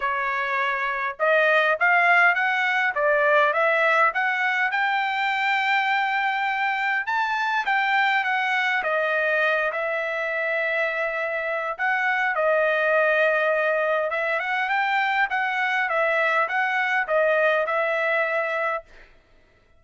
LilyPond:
\new Staff \with { instrumentName = "trumpet" } { \time 4/4 \tempo 4 = 102 cis''2 dis''4 f''4 | fis''4 d''4 e''4 fis''4 | g''1 | a''4 g''4 fis''4 dis''4~ |
dis''8 e''2.~ e''8 | fis''4 dis''2. | e''8 fis''8 g''4 fis''4 e''4 | fis''4 dis''4 e''2 | }